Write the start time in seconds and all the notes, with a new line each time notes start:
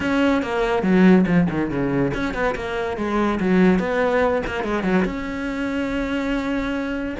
0.00 C#4
0.42 A#3
0.82 F#3
1.26 F3
1.49 D#3
1.70 C#3
2.13 C#4
2.34 B3
2.55 A#3
2.97 G#3
3.39 F#3
3.79 B3
4.46 A#3
4.63 G#3
4.83 F#3
5.05 C#4